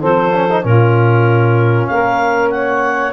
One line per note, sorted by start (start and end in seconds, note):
0.00 0.64 F3
0.00 0.32 C4
0.00 0.62 A4
0.00 0.65 C5
0.33 0.48 C#4
0.49 0.62 D#4
0.62 1.89 A#2
0.62 3.12 C#4
0.62 1.89 F4
0.62 1.86 A#4
1.86 3.13 A#3
1.86 2.53 A#4
1.86 2.49 F5
2.50 3.13 C#5
2.50 3.12 F#5